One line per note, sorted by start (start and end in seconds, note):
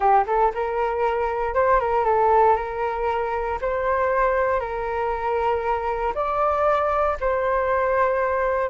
0.00 0.25 G4
0.26 0.52 A4
0.54 1.54 A#4
1.54 1.79 C5
1.79 2.05 A#4
2.05 2.56 A4
2.56 3.58 A#4
3.61 4.59 C5
4.59 6.13 A#4
6.14 7.17 D5
7.20 8.69 C5